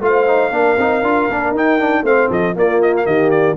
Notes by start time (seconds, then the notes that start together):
0.00 A3 F4 C5 F5
0.27 D#4
0.50 A#3 D4 A#4
0.77 C4 D#4
1.03 D4 F4
1.30 A#3 D4
1.51 D#4
1.57 G5
1.79 D4
2.03 A3 C4 C5 F5
2.28 F3 A4 D#5
2.55 A#3 F4 D5
2.82 D#5
2.97 F5
3.06 D#3 G4 D#5
3.31 D5